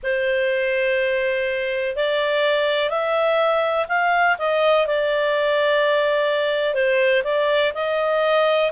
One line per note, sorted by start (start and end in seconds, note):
0.03 1.96 C5
1.96 2.89 D5
2.89 3.86 E5
3.88 4.36 F5
4.38 4.86 D#5
4.87 6.74 D5
6.74 7.23 C5
7.24 7.72 D5
7.74 8.71 D#5